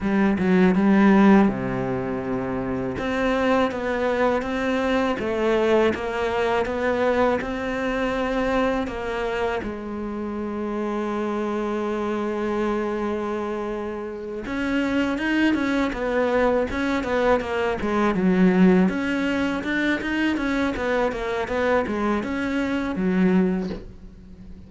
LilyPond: \new Staff \with { instrumentName = "cello" } { \time 4/4 \tempo 4 = 81 g8 fis8 g4 c2 | c'4 b4 c'4 a4 | ais4 b4 c'2 | ais4 gis2.~ |
gis2.~ gis8 cis'8~ | cis'8 dis'8 cis'8 b4 cis'8 b8 ais8 | gis8 fis4 cis'4 d'8 dis'8 cis'8 | b8 ais8 b8 gis8 cis'4 fis4 | }